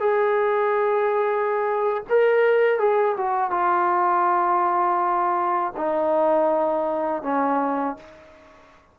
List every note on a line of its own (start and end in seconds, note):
0.00 2.04 G#4
2.09 2.79 A#4
2.79 3.16 G#4
3.17 3.51 F#4
3.51 5.73 F4
5.77 7.23 D#4
7.23 7.97 C#4